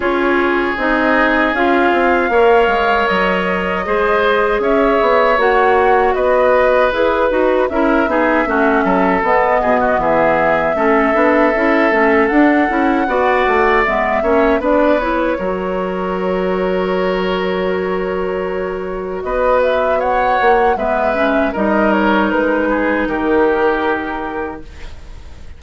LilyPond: <<
  \new Staff \with { instrumentName = "flute" } { \time 4/4 \tempo 4 = 78 cis''4 dis''4 f''2 | dis''2 e''4 fis''4 | dis''4 b'4 e''2 | dis''4 e''2. |
fis''2 e''4 d''8 cis''8~ | cis''1~ | cis''4 dis''8 e''8 fis''4 e''4 | dis''8 cis''8 b'4 ais'2 | }
  \new Staff \with { instrumentName = "oboe" } { \time 4/4 gis'2. cis''4~ | cis''4 c''4 cis''2 | b'2 ais'8 gis'8 fis'8 a'8~ | a'8 gis'16 fis'16 gis'4 a'2~ |
a'4 d''4. cis''8 b'4 | ais'1~ | ais'4 b'4 cis''4 b'4 | ais'4. gis'8 g'2 | }
  \new Staff \with { instrumentName = "clarinet" } { \time 4/4 f'4 dis'4 f'4 ais'4~ | ais'4 gis'2 fis'4~ | fis'4 gis'8 fis'8 e'8 dis'8 cis'4 | b2 cis'8 d'8 e'8 cis'8 |
d'8 e'8 fis'4 b8 cis'8 d'8 e'8 | fis'1~ | fis'2. b8 cis'8 | dis'1 | }
  \new Staff \with { instrumentName = "bassoon" } { \time 4/4 cis'4 c'4 cis'8 c'8 ais8 gis8 | fis4 gis4 cis'8 b8 ais4 | b4 e'8 dis'8 cis'8 b8 a8 fis8 | b8 b,8 e4 a8 b8 cis'8 a8 |
d'8 cis'8 b8 a8 gis8 ais8 b4 | fis1~ | fis4 b4. ais8 gis4 | g4 gis4 dis2 | }
>>